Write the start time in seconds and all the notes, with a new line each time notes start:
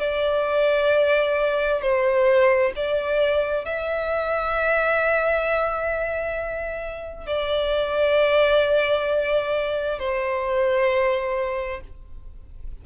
0.00 D5
1.82 C5
2.76 D5
3.65 E5
7.27 D5
9.99 C5